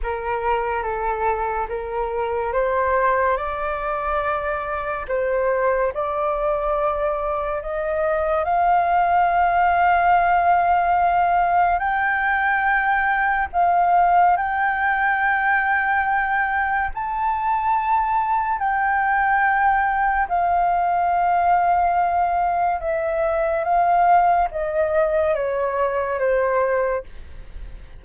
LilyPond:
\new Staff \with { instrumentName = "flute" } { \time 4/4 \tempo 4 = 71 ais'4 a'4 ais'4 c''4 | d''2 c''4 d''4~ | d''4 dis''4 f''2~ | f''2 g''2 |
f''4 g''2. | a''2 g''2 | f''2. e''4 | f''4 dis''4 cis''4 c''4 | }